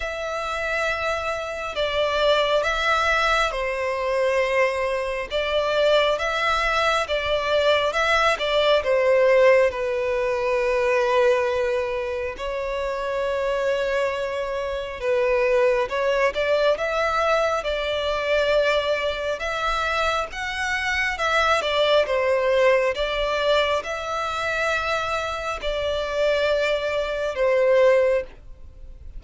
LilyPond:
\new Staff \with { instrumentName = "violin" } { \time 4/4 \tempo 4 = 68 e''2 d''4 e''4 | c''2 d''4 e''4 | d''4 e''8 d''8 c''4 b'4~ | b'2 cis''2~ |
cis''4 b'4 cis''8 d''8 e''4 | d''2 e''4 fis''4 | e''8 d''8 c''4 d''4 e''4~ | e''4 d''2 c''4 | }